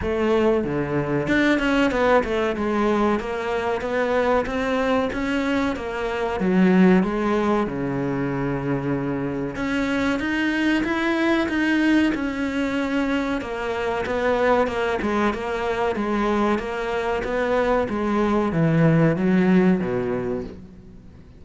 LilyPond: \new Staff \with { instrumentName = "cello" } { \time 4/4 \tempo 4 = 94 a4 d4 d'8 cis'8 b8 a8 | gis4 ais4 b4 c'4 | cis'4 ais4 fis4 gis4 | cis2. cis'4 |
dis'4 e'4 dis'4 cis'4~ | cis'4 ais4 b4 ais8 gis8 | ais4 gis4 ais4 b4 | gis4 e4 fis4 b,4 | }